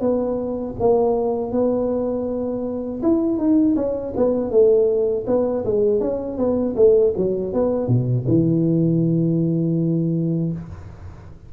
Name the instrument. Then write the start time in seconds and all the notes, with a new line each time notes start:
tuba
0.00 B3
0.79 A#3
1.51 B3
3.02 E4
3.38 D#4
3.76 C#4
4.16 B3
4.50 A3
5.27 B3
5.65 G#3
6.00 C#4
6.37 B3
6.76 A3
7.16 F#3
7.53 B3
7.88 B2
8.27 E3